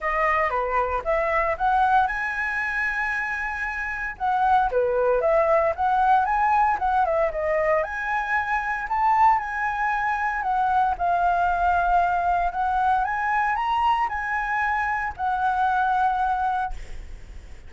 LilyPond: \new Staff \with { instrumentName = "flute" } { \time 4/4 \tempo 4 = 115 dis''4 b'4 e''4 fis''4 | gis''1 | fis''4 b'4 e''4 fis''4 | gis''4 fis''8 e''8 dis''4 gis''4~ |
gis''4 a''4 gis''2 | fis''4 f''2. | fis''4 gis''4 ais''4 gis''4~ | gis''4 fis''2. | }